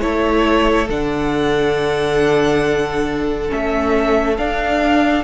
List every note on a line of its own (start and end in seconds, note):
0.00 0.89 A3
0.00 0.87 E4
0.00 5.24 A4
0.00 0.88 C#5
0.89 3.50 D3
0.89 3.49 D4
0.89 3.51 F#5
3.49 4.38 A3
3.49 4.36 C#4
3.49 4.37 E5
4.37 5.24 D4
4.37 5.24 F5